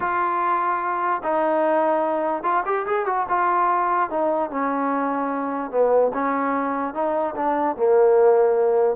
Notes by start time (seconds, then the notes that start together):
0.00 F4
1.23 D#4
2.43 F4
2.65 G4
2.86 G#4
3.06 F#4
3.29 F4
4.10 D#4
4.50 C#4
5.71 B3
6.13 C#4
6.94 D#4
7.35 D4
7.76 A#3